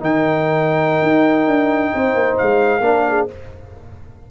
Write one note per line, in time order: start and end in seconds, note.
0.00 1.02 D#3
0.00 2.82 D#4
0.00 1.93 A#4
0.00 2.38 G5
1.02 1.47 D#4
1.47 1.92 D4
1.93 2.15 C4
1.93 2.83 C5
2.15 2.37 A#3
2.38 2.80 G#3
2.38 3.28 F5
2.80 3.25 A#3
2.80 3.28 D4
2.80 3.07 A#4
3.08 3.31 G#4